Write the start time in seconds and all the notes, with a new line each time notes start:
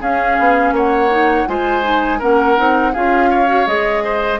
0.00 C#4 G#4 F5
0.39 B3
0.71 A#3 C#5 F#5
1.10 D#4
1.47 G#3 F4 C5 G#5
1.82 D#4
2.19 A#3 C#4 A#4 F#5
2.57 C4 D#4
2.93 C#4 F4 G#4 F5
3.30 C#5
3.47 F#4
3.66 G#3 G#4 D#5
4.04 C5